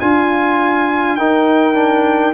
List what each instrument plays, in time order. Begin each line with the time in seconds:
0.00 tuba D4, horn F4, trombone F4, trumpet G#5
1.16 tuba D#4, trombone D#4, horn A#4, trumpet G5
1.74 trombone D4